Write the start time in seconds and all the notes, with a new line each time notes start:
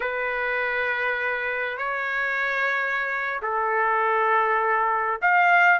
0.00 B4
1.77 C#5
3.42 A4
5.21 F5